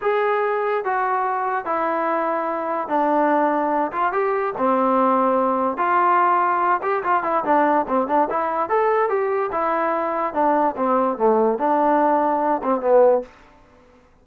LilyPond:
\new Staff \with { instrumentName = "trombone" } { \time 4/4 \tempo 4 = 145 gis'2 fis'2 | e'2. d'4~ | d'4. f'8 g'4 c'4~ | c'2 f'2~ |
f'8 g'8 f'8 e'8 d'4 c'8 d'8 | e'4 a'4 g'4 e'4~ | e'4 d'4 c'4 a4 | d'2~ d'8 c'8 b4 | }